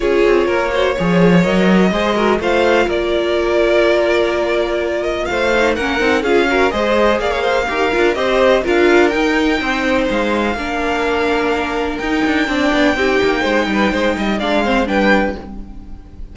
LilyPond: <<
  \new Staff \with { instrumentName = "violin" } { \time 4/4 \tempo 4 = 125 cis''2. dis''4~ | dis''4 f''4 d''2~ | d''2~ d''8 dis''8 f''4 | fis''4 f''4 dis''4 f''4~ |
f''4 dis''4 f''4 g''4~ | g''4 f''2.~ | f''4 g''2.~ | g''2 f''4 g''4 | }
  \new Staff \with { instrumentName = "violin" } { \time 4/4 gis'4 ais'8 c''8 cis''2 | c''8 ais'8 c''4 ais'2~ | ais'2. c''4 | ais'4 gis'8 ais'8 c''4 d''16 cis''16 c''8 |
ais'4 c''4 ais'2 | c''2 ais'2~ | ais'2 d''4 g'4 | c''8 b'8 c''8 dis''8 d''8 c''8 b'4 | }
  \new Staff \with { instrumentName = "viola" } { \time 4/4 f'4. fis'8 gis'4 ais'4 | gis'8 fis'8 f'2.~ | f'2.~ f'8 dis'8 | cis'8 dis'8 f'8 fis'8 gis'2 |
g'8 f'8 g'4 f'4 dis'4~ | dis'2 d'2~ | d'4 dis'4 d'4 dis'4~ | dis'2 d'8 c'8 d'4 | }
  \new Staff \with { instrumentName = "cello" } { \time 4/4 cis'8 c'8 ais4 f4 fis4 | gis4 a4 ais2~ | ais2. a4 | ais8 c'8 cis'4 gis4 ais4 |
dis'8 d'8 c'4 d'4 dis'4 | c'4 gis4 ais2~ | ais4 dis'8 d'8 c'8 b8 c'8 ais8 | gis8 g8 gis8 g8 gis4 g4 | }
>>